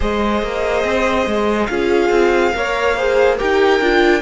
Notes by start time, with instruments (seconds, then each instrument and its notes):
0.00 cello G#3, viola G#4, violin C5 D#5
0.42 cello A#3
0.84 cello C4
1.26 cello G#3
1.66 cello C#4, viola F4, violin G#4 F5
2.09 cello C4
2.53 cello A#3, viola A#4, violin C#5
2.96 viola G#4, violin C5
3.37 cello D#4, viola G4, violin A#4 G5
3.80 cello D4, viola F4